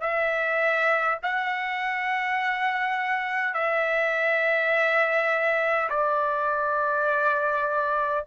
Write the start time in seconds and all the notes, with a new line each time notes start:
0.00 E5
1.23 F#5
3.54 E5
5.89 D5